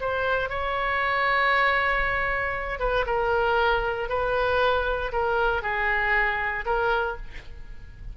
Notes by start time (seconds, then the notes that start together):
0.00 C5
0.49 C#5
2.79 B4
3.06 A#4
4.09 B4
5.12 A#4
5.62 G#4
6.65 A#4